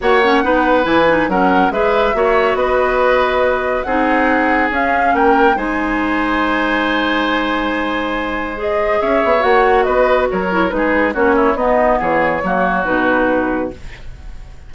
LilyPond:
<<
  \new Staff \with { instrumentName = "flute" } { \time 4/4 \tempo 4 = 140 fis''2 gis''4 fis''4 | e''2 dis''2~ | dis''4 fis''2 f''4 | g''4 gis''2.~ |
gis''1 | dis''4 e''4 fis''4 dis''4 | cis''4 b'4 cis''4 dis''4 | cis''2 b'2 | }
  \new Staff \with { instrumentName = "oboe" } { \time 4/4 cis''4 b'2 ais'4 | b'4 cis''4 b'2~ | b'4 gis'2. | ais'4 c''2.~ |
c''1~ | c''4 cis''2 b'4 | ais'4 gis'4 fis'8 e'8 dis'4 | gis'4 fis'2. | }
  \new Staff \with { instrumentName = "clarinet" } { \time 4/4 fis'8 cis'8 dis'4 e'8 dis'8 cis'4 | gis'4 fis'2.~ | fis'4 dis'2 cis'4~ | cis'4 dis'2.~ |
dis'1 | gis'2 fis'2~ | fis'8 e'8 dis'4 cis'4 b4~ | b4 ais4 dis'2 | }
  \new Staff \with { instrumentName = "bassoon" } { \time 4/4 ais4 b4 e4 fis4 | gis4 ais4 b2~ | b4 c'2 cis'4 | ais4 gis2.~ |
gis1~ | gis4 cis'8 b8 ais4 b4 | fis4 gis4 ais4 b4 | e4 fis4 b,2 | }
>>